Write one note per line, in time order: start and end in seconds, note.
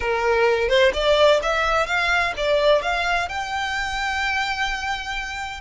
0.00 0.68 A#4
0.68 0.92 C5
0.93 1.40 D5
1.42 1.86 E5
1.86 2.33 F5
2.37 2.82 D5
2.82 3.28 F5
3.28 5.60 G5